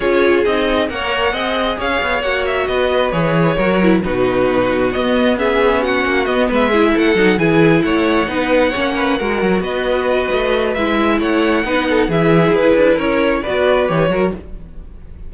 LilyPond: <<
  \new Staff \with { instrumentName = "violin" } { \time 4/4 \tempo 4 = 134 cis''4 dis''4 fis''2 | f''4 fis''8 e''8 dis''4 cis''4~ | cis''4 b'2 dis''4 | e''4 fis''4 dis''8 e''4 fis''8~ |
fis''8 gis''4 fis''2~ fis''8~ | fis''4. dis''2~ dis''8 | e''4 fis''2 e''4 | b'4 cis''4 d''4 cis''4 | }
  \new Staff \with { instrumentName = "violin" } { \time 4/4 gis'2 cis''4 dis''4 | cis''2 b'2 | ais'4 fis'2. | gis'4 fis'4. b'8 gis'8 a'8~ |
a'8 gis'4 cis''4 b'4 cis''8 | b'8 ais'4 b'2~ b'8~ | b'4 cis''4 b'8 a'8 gis'4~ | gis'4 ais'4 b'4. ais'8 | }
  \new Staff \with { instrumentName = "viola" } { \time 4/4 f'4 dis'4 ais'4 gis'4~ | gis'4 fis'2 gis'4 | fis'8 e'8 dis'2 b4 | cis'2 b4 e'4 |
dis'8 e'2 dis'4 cis'8~ | cis'8 fis'2.~ fis'8 | e'2 dis'4 e'4~ | e'2 fis'4 g'8 fis'8 | }
  \new Staff \with { instrumentName = "cello" } { \time 4/4 cis'4 c'4 ais4 c'4 | cis'8 b8 ais4 b4 e4 | fis4 b,2 b4~ | b4. ais8 b8 gis4 a8 |
fis8 e4 a4 b4 ais8~ | ais8 gis8 fis8 b4. a4 | gis4 a4 b4 e4 | e'8 d'8 cis'4 b4 e8 fis8 | }
>>